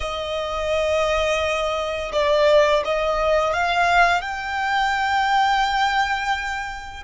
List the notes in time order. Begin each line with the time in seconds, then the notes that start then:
0.00 D#5
2.12 D5
2.85 D#5
3.53 F5
4.21 G5